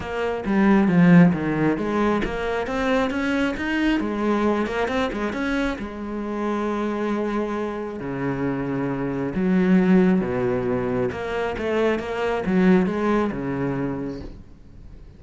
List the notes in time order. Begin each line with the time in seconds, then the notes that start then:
0.00 A#3
0.45 G3
0.88 F3
1.33 D#3
1.77 G#3
2.24 A#3
2.66 C4
3.10 C#4
3.56 D#4
4.00 G#3
4.66 A#3
4.87 C4
5.12 G#3
5.32 C#4
5.78 G#3
7.99 C#3
9.34 F#3
10.20 B2
11.11 A#3
11.58 A3
11.99 A#3
12.46 F#3
12.86 G#3
13.31 C#3